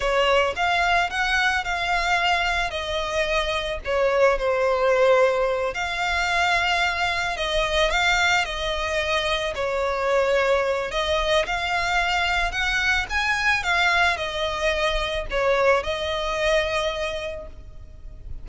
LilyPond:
\new Staff \with { instrumentName = "violin" } { \time 4/4 \tempo 4 = 110 cis''4 f''4 fis''4 f''4~ | f''4 dis''2 cis''4 | c''2~ c''8 f''4.~ | f''4. dis''4 f''4 dis''8~ |
dis''4. cis''2~ cis''8 | dis''4 f''2 fis''4 | gis''4 f''4 dis''2 | cis''4 dis''2. | }